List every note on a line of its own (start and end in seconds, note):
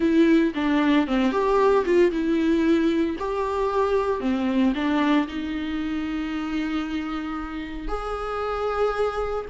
0.00 0.53 E4
0.54 1.07 D4
1.07 1.32 C4
1.32 1.84 G4
1.85 2.11 F4
2.11 3.16 E4
3.18 4.20 G4
4.20 4.73 C4
4.74 5.27 D4
5.27 7.88 D#4
7.88 9.45 G#4